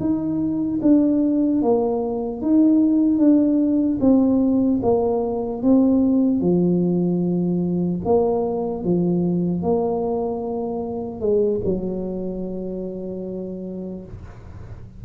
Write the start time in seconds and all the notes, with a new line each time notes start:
0.00 D#4
0.82 D4
1.62 A#3
2.42 D#4
3.19 D4
4.00 C4
4.83 A#3
5.63 C4
6.41 F3
8.05 A#3
8.84 F3
9.63 A#3
11.21 G#3
11.65 F#3